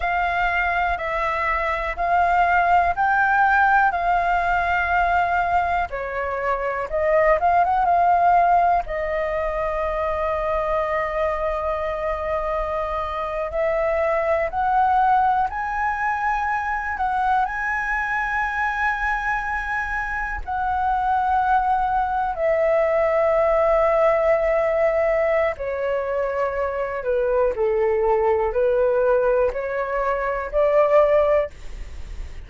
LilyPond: \new Staff \with { instrumentName = "flute" } { \time 4/4 \tempo 4 = 61 f''4 e''4 f''4 g''4 | f''2 cis''4 dis''8 f''16 fis''16 | f''4 dis''2.~ | dis''4.~ dis''16 e''4 fis''4 gis''16~ |
gis''4~ gis''16 fis''8 gis''2~ gis''16~ | gis''8. fis''2 e''4~ e''16~ | e''2 cis''4. b'8 | a'4 b'4 cis''4 d''4 | }